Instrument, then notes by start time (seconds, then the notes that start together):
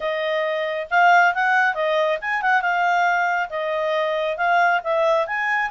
clarinet
0.00 D#5
0.90 F5
1.34 F#5
1.74 D#5
2.21 G#5
2.42 F#5
2.61 F5
3.49 D#5
4.37 F5
4.83 E5
5.27 G#5